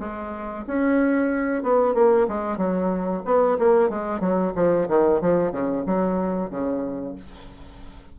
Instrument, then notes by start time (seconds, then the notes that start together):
bassoon
0.00 G#3
0.68 C#4
1.63 B3
1.95 A#3
2.29 G#3
2.58 F#3
3.25 B3
3.59 A#3
3.90 G#3
4.20 F#3
4.56 F3
4.89 D#3
5.21 F3
5.52 C#3
5.87 F#3
6.50 C#3